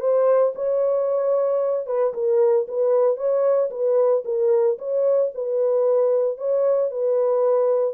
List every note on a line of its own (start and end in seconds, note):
0.00 0.53 C5
0.55 1.87 C#5
1.87 2.13 B4
2.14 2.67 A#4
2.68 3.17 B4
3.17 3.70 C#5
3.70 4.24 B4
4.25 4.78 A#4
4.78 5.31 C#5
5.34 6.38 B4
6.38 6.91 C#5
6.91 7.94 B4